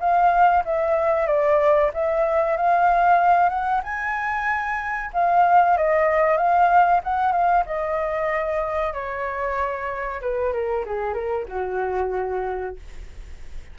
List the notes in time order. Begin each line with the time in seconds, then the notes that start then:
0.00 F5
0.65 E5
1.27 D5
1.94 E5
2.57 F5
3.50 F#5
3.84 G#5
5.14 F5
5.77 D#5
6.37 F5
7.04 F#5
7.32 F5
7.67 D#5
8.93 C#5
10.22 B4
10.53 A#4
10.86 G#4
11.14 A#4
11.49 F#4